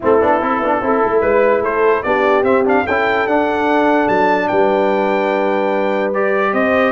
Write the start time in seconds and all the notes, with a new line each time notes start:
0.00 A3 C4 E4 A4
0.20 B3 D4
0.41 C4 E4
0.60 B3 D4
0.81 C4 E4 A4
1.05 A3
1.20 G#3 B4
1.60 A3 A4 C5
2.02 B3 D4 G4 D5
2.43 C4 E5
2.65 D4 F5
2.84 C#4 E4 A4 G5
3.26 D4 F#5
4.08 F#3 A5
4.47 G3 B4 G5
6.13 G4 D5
6.52 C4 C5 D#5